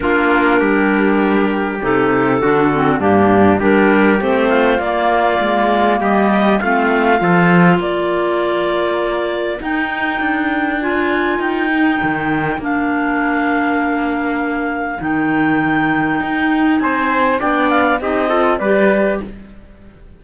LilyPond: <<
  \new Staff \with { instrumentName = "clarinet" } { \time 4/4 \tempo 4 = 100 ais'2. a'4~ | a'4 g'4 ais'4 c''4 | d''2 dis''4 f''4~ | f''4 d''2. |
g''2 gis''4 g''4~ | g''4 f''2.~ | f''4 g''2. | gis''4 g''8 f''8 dis''4 d''4 | }
  \new Staff \with { instrumentName = "trumpet" } { \time 4/4 f'4 g'2. | fis'4 d'4 g'4. f'8~ | f'2 g'4 f'4 | a'4 ais'2.~ |
ais'1~ | ais'1~ | ais'1 | c''4 d''4 g'8 a'8 b'4 | }
  \new Staff \with { instrumentName = "clarinet" } { \time 4/4 d'2. dis'4 | d'8 c'8 ais4 d'4 c'4 | ais2. c'4 | f'1 |
dis'2 f'4. dis'8~ | dis'4 d'2.~ | d'4 dis'2.~ | dis'4 d'4 dis'8 f'8 g'4 | }
  \new Staff \with { instrumentName = "cello" } { \time 4/4 ais4 g2 c4 | d4 g,4 g4 a4 | ais4 gis4 g4 a4 | f4 ais2. |
dis'4 d'2 dis'4 | dis4 ais2.~ | ais4 dis2 dis'4 | c'4 b4 c'4 g4 | }
>>